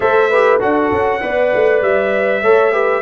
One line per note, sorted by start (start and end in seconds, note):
0.00 0.60 A3
0.00 0.30 A4
0.00 0.29 C5
0.00 0.59 E5
0.29 0.60 G4
0.29 0.59 B4
0.59 0.91 D4
0.59 1.20 F#4
0.59 1.20 A4
0.59 1.82 F#5
0.92 1.22 C#4
1.21 1.53 B3
1.21 2.42 B4
1.21 2.42 D5
1.54 1.81 A3
1.81 2.42 G3
1.81 3.02 E5
2.42 3.02 A3
2.42 2.72 A4
2.42 2.71 C#5
2.71 3.02 G4
2.71 3.02 B4